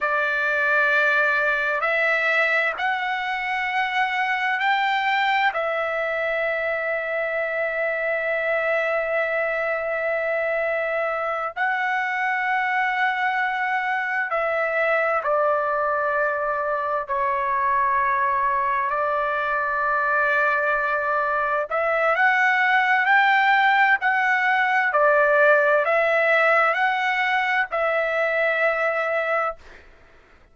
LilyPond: \new Staff \with { instrumentName = "trumpet" } { \time 4/4 \tempo 4 = 65 d''2 e''4 fis''4~ | fis''4 g''4 e''2~ | e''1~ | e''8 fis''2. e''8~ |
e''8 d''2 cis''4.~ | cis''8 d''2. e''8 | fis''4 g''4 fis''4 d''4 | e''4 fis''4 e''2 | }